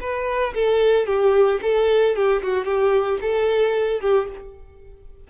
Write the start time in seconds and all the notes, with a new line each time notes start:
0.00 B4
0.54 A4
1.06 G4
1.62 A4
2.15 G4
2.43 F#4
2.65 G4
3.21 A4
4.01 G4